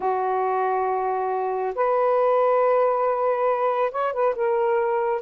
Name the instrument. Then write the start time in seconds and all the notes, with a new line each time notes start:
saxophone
0.00 F#4
1.75 B4
3.91 C#5
4.13 B4
4.35 A#4